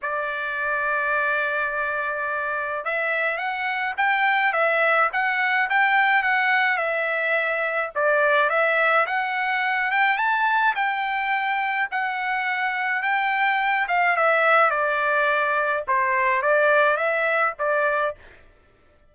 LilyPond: \new Staff \with { instrumentName = "trumpet" } { \time 4/4 \tempo 4 = 106 d''1~ | d''4 e''4 fis''4 g''4 | e''4 fis''4 g''4 fis''4 | e''2 d''4 e''4 |
fis''4. g''8 a''4 g''4~ | g''4 fis''2 g''4~ | g''8 f''8 e''4 d''2 | c''4 d''4 e''4 d''4 | }